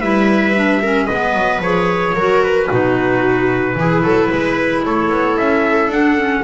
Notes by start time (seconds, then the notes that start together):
0.00 G3 E4 B4 E5
0.55 D4
0.82 C#4 A#4
1.06 G#3 B3 B4 D#5
1.33 F#3
1.59 F3 G#4 C#5
2.15 F#3 F#4 A#4
2.43 B4
2.68 B2 D#4 F#4
3.76 E3 E4 G#4
4.03 F#3 A4
4.30 G#3 B4
4.85 A3 A4 C#5
5.10 B3
5.37 C#4 E5
5.88 D4 F#5
6.18 C#4